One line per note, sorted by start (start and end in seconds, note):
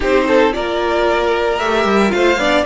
0.00 0.56 C4
0.00 0.52 D#4
0.00 0.24 G4
0.00 0.53 C5
0.27 0.53 A4
0.52 1.59 A#3
0.52 1.58 F4
0.52 2.14 A#4
0.52 1.58 D5
1.58 1.85 A3
1.58 2.08 G4
1.58 2.11 E5
1.85 2.11 G3
2.08 2.37 A3
2.08 2.35 F4
2.08 2.64 F5
2.15 2.39 C5
2.37 2.63 B3
2.37 2.65 D4
2.37 2.65 D5